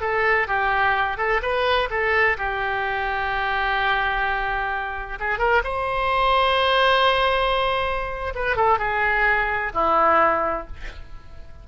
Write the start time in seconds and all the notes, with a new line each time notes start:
0.00 A4
0.47 G4
1.17 A4
1.42 B4
1.90 A4
2.37 G4
5.19 G#4
5.38 A#4
5.64 C5
8.35 B4
8.56 A4
8.78 G#4
9.73 E4